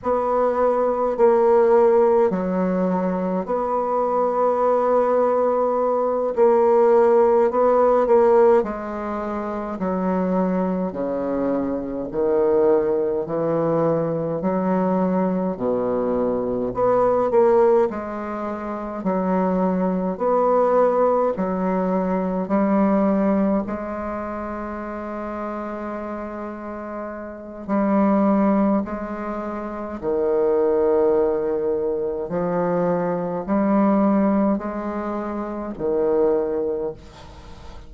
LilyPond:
\new Staff \with { instrumentName = "bassoon" } { \time 4/4 \tempo 4 = 52 b4 ais4 fis4 b4~ | b4. ais4 b8 ais8 gis8~ | gis8 fis4 cis4 dis4 e8~ | e8 fis4 b,4 b8 ais8 gis8~ |
gis8 fis4 b4 fis4 g8~ | g8 gis2.~ gis8 | g4 gis4 dis2 | f4 g4 gis4 dis4 | }